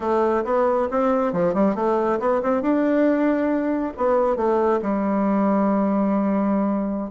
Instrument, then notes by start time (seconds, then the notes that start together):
bassoon
0.00 A3
0.44 B3
0.90 C4
1.32 F3
1.54 G3
1.75 A3
2.19 B3
2.42 C4
2.62 D4
3.97 B3
4.36 A3
4.82 G3